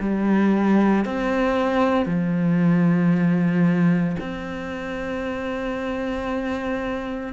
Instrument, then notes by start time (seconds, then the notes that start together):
cello
0.00 G3
1.05 C4
2.06 F3
4.20 C4